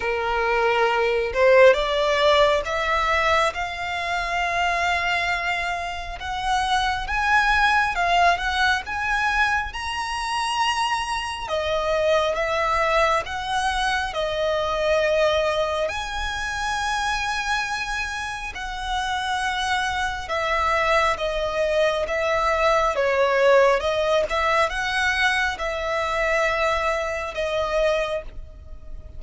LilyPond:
\new Staff \with { instrumentName = "violin" } { \time 4/4 \tempo 4 = 68 ais'4. c''8 d''4 e''4 | f''2. fis''4 | gis''4 f''8 fis''8 gis''4 ais''4~ | ais''4 dis''4 e''4 fis''4 |
dis''2 gis''2~ | gis''4 fis''2 e''4 | dis''4 e''4 cis''4 dis''8 e''8 | fis''4 e''2 dis''4 | }